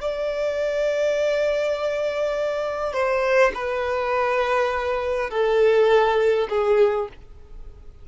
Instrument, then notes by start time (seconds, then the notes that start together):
violin
0.00 D5
2.93 C5
3.54 B4
5.30 A4
6.49 G#4